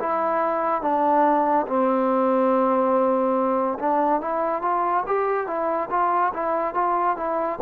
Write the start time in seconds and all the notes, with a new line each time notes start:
0.00 E4
0.82 D4
1.67 C4
3.79 D4
4.21 E4
4.62 F4
5.07 G4
5.47 E4
5.90 F4
6.34 E4
6.75 F4
7.17 E4